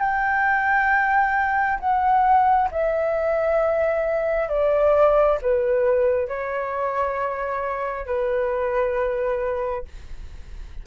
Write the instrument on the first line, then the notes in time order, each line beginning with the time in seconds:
flute
0.00 G5
1.80 F#5
2.72 E5
4.49 D5
5.42 B4
6.28 C#5
8.06 B4